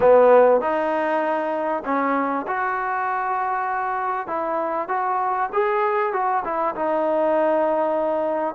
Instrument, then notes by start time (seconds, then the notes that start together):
trombone
0.00 B3
0.61 D#4
1.85 C#4
2.47 F#4
4.27 E4
4.88 F#4
5.52 G#4
6.12 F#4
6.44 E4
6.75 D#4